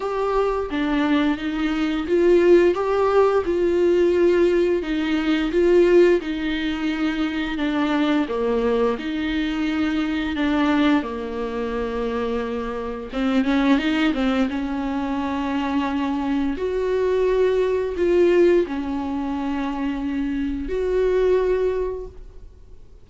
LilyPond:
\new Staff \with { instrumentName = "viola" } { \time 4/4 \tempo 4 = 87 g'4 d'4 dis'4 f'4 | g'4 f'2 dis'4 | f'4 dis'2 d'4 | ais4 dis'2 d'4 |
ais2. c'8 cis'8 | dis'8 c'8 cis'2. | fis'2 f'4 cis'4~ | cis'2 fis'2 | }